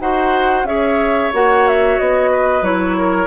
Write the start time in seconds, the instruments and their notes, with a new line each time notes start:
0.00 bassoon D#4, clarinet F#4, oboe C5, flute F#5
0.64 bassoon C#4, clarinet G#4, oboe C#5, flute E5
1.33 bassoon A#3, clarinet F#4, flute F#5
1.68 flute E5
1.99 bassoon B3, flute D#5
2.31 oboe B4
2.62 bassoon F#3, clarinet E4, flute C#5
2.98 oboe A#4